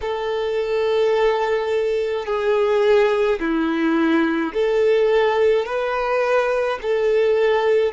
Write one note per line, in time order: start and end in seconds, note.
0.01 2.25 A4
2.25 3.39 G#4
3.40 4.53 E4
4.53 5.65 A4
5.65 6.78 B4
6.82 7.92 A4